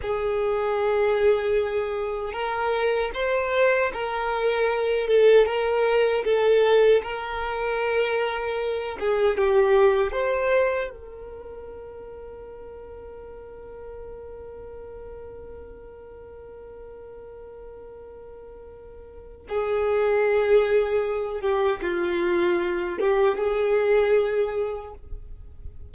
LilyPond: \new Staff \with { instrumentName = "violin" } { \time 4/4 \tempo 4 = 77 gis'2. ais'4 | c''4 ais'4. a'8 ais'4 | a'4 ais'2~ ais'8 gis'8 | g'4 c''4 ais'2~ |
ais'1~ | ais'1~ | ais'4 gis'2~ gis'8 g'8 | f'4. g'8 gis'2 | }